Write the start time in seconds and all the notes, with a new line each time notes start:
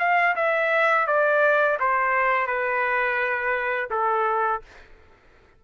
0.00 F5
0.36 E5
1.07 D5
1.80 C5
2.47 B4
3.91 A4